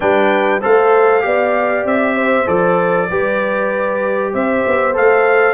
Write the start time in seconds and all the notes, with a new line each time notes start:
0.00 G3 D4 B4 G5
0.61 A3 A4 C5 F5
1.20 B3 G4 D5
1.84 C4 E5
2.14 C5
2.45 F3 A4 D5
3.09 G3 G4 B4
4.33 C4 C5 E5
4.66 B3
4.93 A3 A4 F5